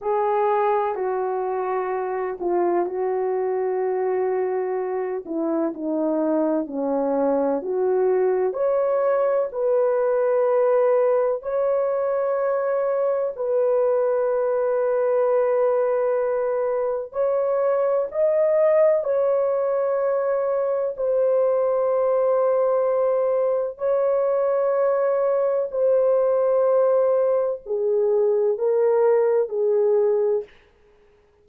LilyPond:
\new Staff \with { instrumentName = "horn" } { \time 4/4 \tempo 4 = 63 gis'4 fis'4. f'8 fis'4~ | fis'4. e'8 dis'4 cis'4 | fis'4 cis''4 b'2 | cis''2 b'2~ |
b'2 cis''4 dis''4 | cis''2 c''2~ | c''4 cis''2 c''4~ | c''4 gis'4 ais'4 gis'4 | }